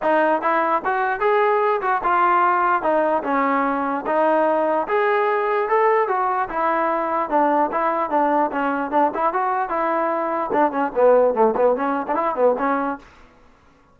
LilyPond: \new Staff \with { instrumentName = "trombone" } { \time 4/4 \tempo 4 = 148 dis'4 e'4 fis'4 gis'4~ | gis'8 fis'8 f'2 dis'4 | cis'2 dis'2 | gis'2 a'4 fis'4 |
e'2 d'4 e'4 | d'4 cis'4 d'8 e'8 fis'4 | e'2 d'8 cis'8 b4 | a8 b8 cis'8. d'16 e'8 b8 cis'4 | }